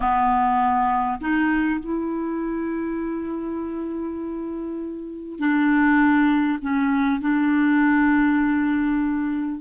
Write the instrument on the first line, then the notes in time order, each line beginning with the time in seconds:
clarinet
0.00 B3
1.20 D#4
1.80 E4
5.39 D4
6.61 C#4
7.20 D4